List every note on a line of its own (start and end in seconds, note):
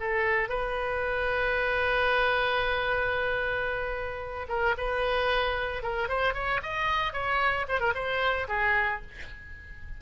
0.00 0.49 A4
0.49 4.47 B4
4.49 4.75 A#4
4.78 5.83 B4
5.83 6.09 A#4
6.09 6.34 C5
6.34 6.61 C#5
6.63 7.13 D#5
7.13 7.66 C#5
7.68 7.80 C5
7.80 7.94 A#4
7.95 8.48 C5
8.49 9.02 G#4